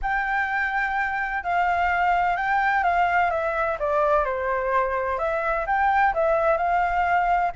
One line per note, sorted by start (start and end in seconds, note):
0.02 1.43 G5
1.43 2.36 F5
2.36 2.83 G5
2.83 3.30 F5
3.30 3.77 E5
3.79 4.24 D5
4.24 5.18 C5
5.18 5.65 E5
5.66 6.13 G5
6.14 6.57 E5
6.57 7.51 F5